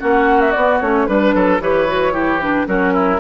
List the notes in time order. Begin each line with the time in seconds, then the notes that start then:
0.00 A#3 C#4 F#4 F#5
0.41 E5
0.52 B3 D5
0.58 B3
0.81 A3 C#4 C#5
1.07 G3 D4 B4
1.35 F#3 A4
1.60 E3 G4 B4 C#5
1.88 F#4
2.12 E4 G4
2.41 D4 B4
2.66 F#3 C#4 F#4 A#4
2.94 E4